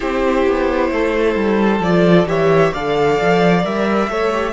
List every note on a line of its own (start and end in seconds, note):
0.00 0.46 C4
0.00 1.78 E4
0.00 0.89 G4
0.00 1.81 C5
0.46 0.91 B3
0.91 1.35 A3
0.91 2.27 A4
1.35 1.79 G3
1.79 2.25 F3
1.79 2.27 F4
1.79 2.27 D5
2.26 2.71 E3
2.26 2.72 G4
2.26 2.73 C#5
2.26 2.73 E5
2.73 3.20 D3
2.73 3.62 A4
2.73 4.09 D5
2.73 3.64 F5
3.20 3.65 F3
3.62 4.09 G3
3.62 4.08 A#4
3.62 4.52 E5
4.09 4.52 A3
4.09 4.32 A4
4.09 4.52 C#5
4.32 4.52 G4